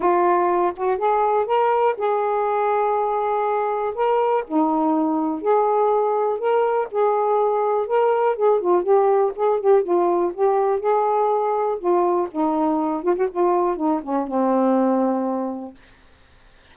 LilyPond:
\new Staff \with { instrumentName = "saxophone" } { \time 4/4 \tempo 4 = 122 f'4. fis'8 gis'4 ais'4 | gis'1 | ais'4 dis'2 gis'4~ | gis'4 ais'4 gis'2 |
ais'4 gis'8 f'8 g'4 gis'8 g'8 | f'4 g'4 gis'2 | f'4 dis'4. f'16 fis'16 f'4 | dis'8 cis'8 c'2. | }